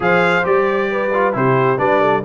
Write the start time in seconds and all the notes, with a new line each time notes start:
0.00 F3 G#4 C5 F5
0.43 G3 G4 D5
0.91 B4
1.13 F4
1.32 C3 E4 G4 C5
1.77 G3 D4 B4 D5
2.00 A4